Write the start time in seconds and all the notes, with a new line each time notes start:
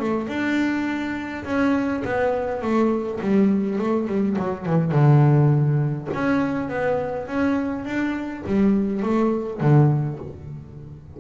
0.00 A3
0.28 D4
1.45 C#4
2.04 B3
2.62 A3
3.21 G3
3.78 A3
4.07 G3
4.38 F#3
4.66 E3
4.91 D3
6.14 C#4
6.69 B3
7.27 C#4
7.85 D4
8.46 G3
9.02 A3
9.61 D3